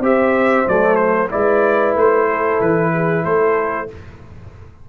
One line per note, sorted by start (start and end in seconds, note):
0.00 0.65 C4
0.00 0.67 G4
0.00 1.29 C5
0.00 0.68 E5
0.67 1.32 F#3
0.67 1.29 A3
0.67 0.95 D5
0.95 1.28 C5
1.29 1.95 G#3
1.29 3.87 E4
1.29 2.27 B4
1.29 1.95 D5
1.95 2.59 A3
1.95 2.61 C5
2.27 2.92 A4
2.60 3.24 E3
2.60 3.24 B4
2.93 3.23 G#4
3.23 3.89 A3
3.23 3.87 A4
3.23 3.89 C5